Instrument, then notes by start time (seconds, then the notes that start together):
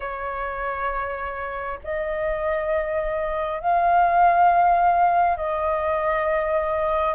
flute
0.00 C#5
1.83 D#5
3.60 F5
5.36 D#5